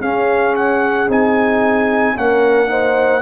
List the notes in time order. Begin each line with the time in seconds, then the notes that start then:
0.00 C#4 G#4 F5
0.56 F#5
1.08 C4 D#4 G#5
2.16 A#3 C#4 A#4 F#5
2.68 D#4 C5